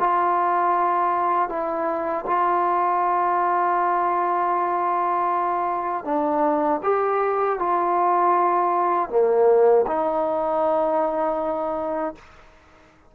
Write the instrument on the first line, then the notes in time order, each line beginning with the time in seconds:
trombone
0.00 F4
1.49 E4
2.27 F4
6.05 D4
6.84 G4
7.59 F4
9.10 A#3
9.88 D#4